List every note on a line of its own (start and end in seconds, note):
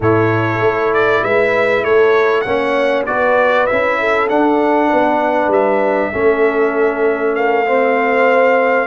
0.00 0.60 A2
0.00 2.45 E4
0.00 1.22 A4
0.00 0.93 C#5
0.60 1.21 A3
0.93 1.23 D5
1.23 1.84 G#3
1.23 1.83 B4
1.23 1.84 E5
1.83 2.45 A3
1.83 2.43 A4
1.83 2.41 C#5
2.41 3.06 A#3
2.41 3.06 C#4
2.41 3.05 C#5
2.41 3.02 F#5
3.06 3.68 B3
3.06 3.68 F#4
3.06 3.99 B4
3.06 3.66 D5
3.66 4.29 C#4
3.66 4.29 E4
3.66 4.27 E5
3.99 4.88 A4
4.29 6.12 D4
4.29 4.90 D4
4.29 5.51 F#5
4.88 5.47 B3
4.88 6.11 B4
5.47 6.08 G3
5.47 7.35 E5
6.12 8.87 A3
6.12 7.65 C#4
6.12 7.35 A4
7.35 7.65 A#4
7.35 8.87 F5
7.65 8.87 C4
7.65 8.87 C5